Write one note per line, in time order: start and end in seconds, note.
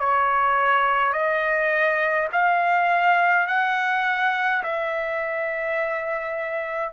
0.00 1.13 C#5
1.13 2.29 D#5
2.33 3.48 F5
3.48 4.63 F#5
4.64 6.93 E5